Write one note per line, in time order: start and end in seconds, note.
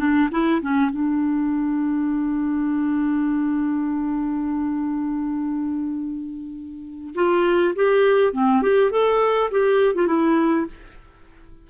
0.00 0.30 D4
0.32 0.62 E4
0.63 0.91 C#4
0.91 7.14 D4
7.16 7.75 F4
7.76 8.33 G4
8.33 8.63 C4
8.63 8.91 G4
8.91 9.51 A4
9.51 9.96 G4
9.96 10.08 F4
10.08 10.67 E4